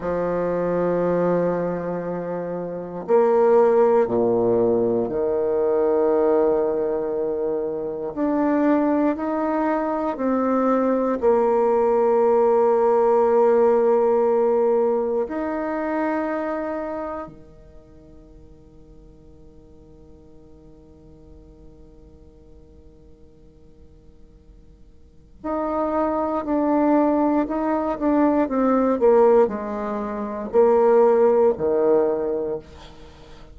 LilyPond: \new Staff \with { instrumentName = "bassoon" } { \time 4/4 \tempo 4 = 59 f2. ais4 | ais,4 dis2. | d'4 dis'4 c'4 ais4~ | ais2. dis'4~ |
dis'4 dis2.~ | dis1~ | dis4 dis'4 d'4 dis'8 d'8 | c'8 ais8 gis4 ais4 dis4 | }